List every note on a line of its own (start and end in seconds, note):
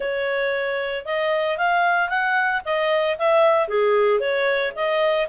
0.00 1.05 C#5
1.05 1.57 D#5
1.57 2.09 F5
2.09 2.61 F#5
2.65 3.17 D#5
3.18 3.68 E5
3.68 4.20 G#4
4.20 4.72 C#5
4.75 5.28 D#5